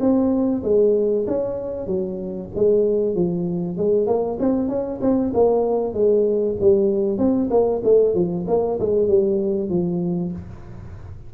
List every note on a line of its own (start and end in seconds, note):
0.00 0.62 C4
0.63 1.26 G#3
1.28 1.87 C#4
1.87 2.49 F#3
2.56 3.16 G#3
3.16 3.78 F3
3.78 4.07 G#3
4.07 4.38 A#3
4.40 4.69 C4
4.69 5.00 C#4
5.01 5.33 C4
5.34 5.94 A#3
5.94 6.56 G#3
6.61 7.18 G3
7.18 7.49 C4
7.51 7.82 A#3
7.84 8.15 A3
8.15 8.46 F3
8.48 8.79 A#3
8.80 9.09 G#3
9.09 9.70 G3
9.70 10.32 F3